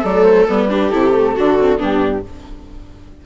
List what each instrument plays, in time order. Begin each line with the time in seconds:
0.00 bassoon F#3, viola A3 A4, flute D5
0.24 flute C5
0.48 bassoon G3, viola B3, flute B4
0.70 viola D4 G4
0.90 bassoon C3, viola E4, flute A4
1.13 viola A3
1.35 bassoon D3, viola D4 F#4
1.59 viola C4
1.77 bassoon G2, viola B3 D4, flute G4